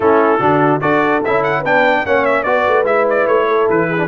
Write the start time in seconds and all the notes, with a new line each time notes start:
0.00 A3 C#4 E4 A4
0.39 D3 D4 F#4
0.80 D4 F#4 A4 D5
1.24 C#4 E4 E5
1.43 F#5
1.59 B3 D4 B4 G5
2.05 A#3 C#4 C#5 F#5
2.25 E5
2.43 B3 F#4 B4 D5
2.67 A3
2.83 G#3 E4 E5
3.09 D5
3.27 A3 C#5
3.47 A4
3.70 E3 B4
3.88 G#4
3.97 D4